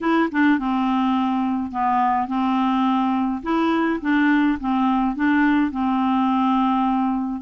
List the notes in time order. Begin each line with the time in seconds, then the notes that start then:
0.01 E4
0.31 D4
0.58 C4
1.71 B3
2.27 C4
3.42 E4
4.01 D4
4.59 C4
5.15 D4
5.71 C4